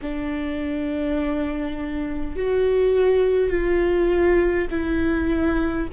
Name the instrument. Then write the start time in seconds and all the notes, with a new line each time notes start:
viola
0.01 D4
2.35 F#4
3.50 F4
4.70 E4